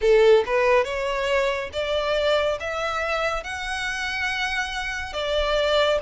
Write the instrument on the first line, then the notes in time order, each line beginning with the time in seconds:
violin
0.01 A4
0.46 B4
0.84 C#5
1.72 D5
2.59 E5
3.43 F#5
5.13 D5